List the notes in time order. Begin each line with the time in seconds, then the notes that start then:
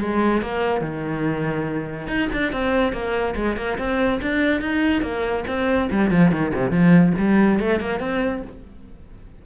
0.00 G#3
0.41 A#3
0.81 D#3
2.07 D#4
2.32 D4
2.52 C4
2.92 A#3
3.35 G#3
3.56 A#3
3.78 C4
4.22 D4
4.61 D#4
5.01 A#3
5.47 C4
5.91 G3
6.10 F3
6.31 D#3
6.54 C3
6.70 F3
7.18 G3
7.59 A3
7.80 A#3
7.99 C4